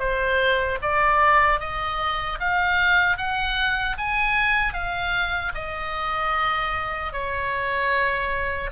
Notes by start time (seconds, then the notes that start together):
0.00 C5
0.83 D5
1.60 D#5
2.40 F5
3.18 F#5
3.98 G#5
4.74 F5
5.55 D#5
7.13 C#5